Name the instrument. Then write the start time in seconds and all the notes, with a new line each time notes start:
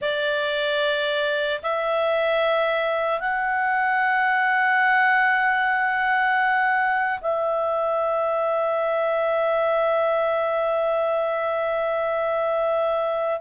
clarinet
0.01 D5
1.62 E5
3.20 F#5
7.20 E5